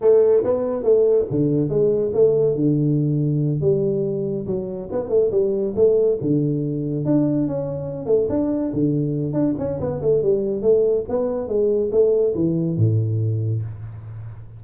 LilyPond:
\new Staff \with { instrumentName = "tuba" } { \time 4/4 \tempo 4 = 141 a4 b4 a4 d4 | gis4 a4 d2~ | d8 g2 fis4 b8 | a8 g4 a4 d4.~ |
d8 d'4 cis'4. a8 d'8~ | d'8 d4. d'8 cis'8 b8 a8 | g4 a4 b4 gis4 | a4 e4 a,2 | }